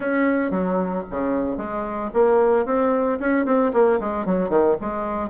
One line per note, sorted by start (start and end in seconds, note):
0.00 0.50 C#4
0.50 1.04 F#3
1.10 1.57 C#3
1.57 2.10 G#3
2.13 2.65 A#3
2.65 3.18 C4
3.19 3.45 C#4
3.45 3.72 C4
3.73 3.99 A#3
3.99 4.25 G#3
4.25 4.49 F#3
4.49 4.75 D#3
4.81 5.29 G#3